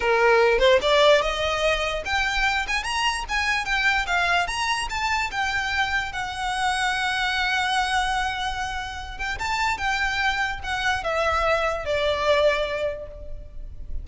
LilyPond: \new Staff \with { instrumentName = "violin" } { \time 4/4 \tempo 4 = 147 ais'4. c''8 d''4 dis''4~ | dis''4 g''4. gis''8 ais''4 | gis''4 g''4 f''4 ais''4 | a''4 g''2 fis''4~ |
fis''1~ | fis''2~ fis''8 g''8 a''4 | g''2 fis''4 e''4~ | e''4 d''2. | }